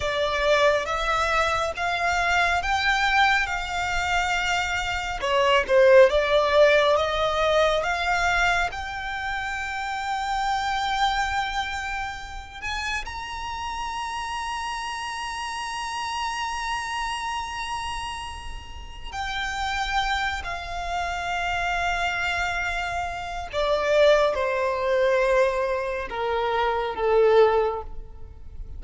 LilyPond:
\new Staff \with { instrumentName = "violin" } { \time 4/4 \tempo 4 = 69 d''4 e''4 f''4 g''4 | f''2 cis''8 c''8 d''4 | dis''4 f''4 g''2~ | g''2~ g''8 gis''8 ais''4~ |
ais''1~ | ais''2 g''4. f''8~ | f''2. d''4 | c''2 ais'4 a'4 | }